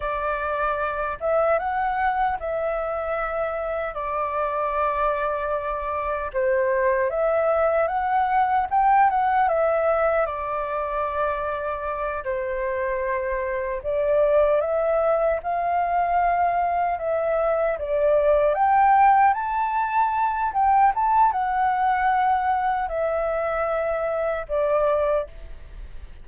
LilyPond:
\new Staff \with { instrumentName = "flute" } { \time 4/4 \tempo 4 = 76 d''4. e''8 fis''4 e''4~ | e''4 d''2. | c''4 e''4 fis''4 g''8 fis''8 | e''4 d''2~ d''8 c''8~ |
c''4. d''4 e''4 f''8~ | f''4. e''4 d''4 g''8~ | g''8 a''4. g''8 a''8 fis''4~ | fis''4 e''2 d''4 | }